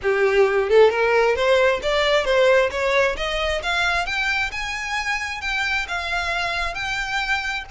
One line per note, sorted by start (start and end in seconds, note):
0.02 0.69 G4
0.69 0.90 A4
0.90 1.35 A#4
1.35 1.80 C5
1.82 2.24 D5
2.24 2.69 C5
2.71 3.16 C#5
3.16 3.61 D#5
3.62 4.05 F5
4.05 4.51 G5
4.51 5.41 G#5
5.41 5.86 G5
5.88 6.74 F5
6.74 7.64 G5